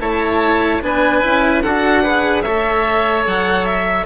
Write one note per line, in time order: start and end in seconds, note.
0.00 0.81 A3
0.00 0.81 E4
0.00 0.83 C#5
0.00 0.82 A5
0.82 1.23 B3
0.82 1.22 D4
0.82 1.64 B4
0.82 1.63 G#5
1.22 1.65 C#4
1.22 1.62 E4
1.63 2.45 D4
1.63 2.04 F#4
1.63 2.04 A4
1.63 2.43 F#5
2.04 2.44 G#4
2.04 2.44 B4
2.43 3.27 A3
2.43 4.06 A4
2.43 4.06 C#5
2.43 3.24 E5
3.27 4.06 F#3
3.27 3.66 F#5
3.66 4.06 E5